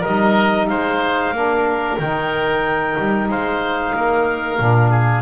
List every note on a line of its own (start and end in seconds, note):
0.00 0.70 G3
0.00 1.34 D#4
0.00 0.65 A#4
0.00 0.67 D#5
0.67 1.31 G#3
0.67 1.35 C5
0.67 1.97 F5
1.31 1.97 A#3
1.31 1.99 D4
1.31 3.30 A#4
1.98 2.96 D#3
1.98 4.58 D#4
1.98 3.29 G5
2.99 3.28 G3
3.28 3.93 G#3
3.28 3.96 C5
3.28 5.22 F5
3.95 4.59 A#3
3.95 4.90 A#4
4.58 5.22 A#2
4.58 5.22 D4
4.90 5.22 G#4